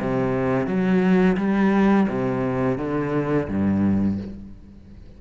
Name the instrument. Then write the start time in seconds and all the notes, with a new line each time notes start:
cello
0.00 C3
0.67 F#3
1.37 G3
2.08 C3
2.78 D3
3.48 G2